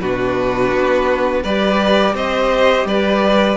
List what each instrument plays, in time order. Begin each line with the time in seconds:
0.00 cello B2, viola D4, violin F#4 B4
0.73 cello B3
1.42 cello G3, viola G4, violin B4 D5
2.13 cello C4, violin C5 D#5
2.85 cello G3, violin B4 D5